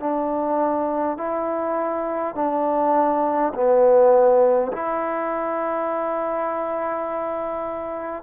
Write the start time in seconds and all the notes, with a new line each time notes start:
0.00 D4
1.18 E4
2.36 D4
3.55 B3
4.73 E4